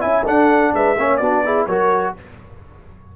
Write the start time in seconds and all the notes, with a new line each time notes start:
0.00 C#4 E4 E5 G#5
0.25 D4 A4 F#5
0.74 G#3 B4 E5
0.98 A#3 C#4 C#5
1.17 B3 D4 F#4 D5
1.45 E4 G#4
1.67 F#3 F#4 A#4 C#5